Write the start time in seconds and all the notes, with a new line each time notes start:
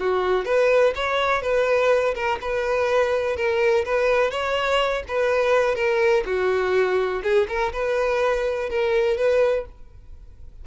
0.00 F#4
0.46 B4
0.95 C#5
1.42 B4
2.15 A#4
2.41 B4
3.37 A#4
3.86 B4
4.31 C#5
5.08 B4
5.75 A#4
6.26 F#4
7.23 G#4
7.49 A#4
7.73 B4
8.70 A#4
9.17 B4